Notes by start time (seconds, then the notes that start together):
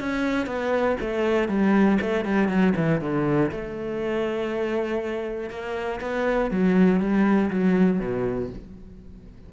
0.00 C#4
0.47 B3
1.00 A3
1.48 G3
2.01 A3
2.25 G3
2.48 F#3
2.76 E3
3.01 D3
3.51 A3
5.50 A#3
6.01 B3
6.51 F#3
7.00 G3
7.50 F#3
8.00 B2